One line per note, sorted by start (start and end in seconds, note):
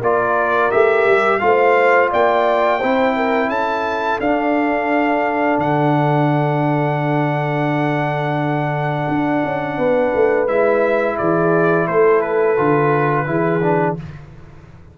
0.00 0.72 A#3
0.00 0.71 F4
0.00 1.40 A#4
0.00 0.72 D5
0.71 1.06 A3
0.71 1.41 G4
0.71 1.40 E5
1.06 1.41 G3
1.40 2.12 A3
1.40 2.80 F4
1.40 2.11 C5
1.40 2.09 F5
2.11 2.83 A#3
2.11 2.79 D5
2.11 3.50 G5
2.79 3.49 C4
2.79 4.22 E4
2.79 3.14 C5
3.16 3.49 A#4
3.49 4.18 C#4
3.49 9.77 A4
3.49 4.20 A5
4.20 5.58 D4
4.20 10.48 D4
4.20 5.60 F5
5.58 9.07 D3
5.58 10.48 F#5
9.09 9.43 D4
9.44 9.78 C#4
9.78 10.13 B3
9.78 11.17 B4
10.15 10.48 A3
10.48 11.18 G#3
10.48 12.57 E4
10.48 11.18 E5
11.18 11.88 E3
11.18 11.88 G#4
11.18 11.87 D5
11.87 12.58 A3
11.87 13.27 A4
11.87 12.22 C5
12.22 13.96 B4
12.57 13.27 D3
12.57 13.26 F4
13.26 13.97 E3
13.26 13.61 E4
13.26 13.98 G#4
13.62 13.97 D4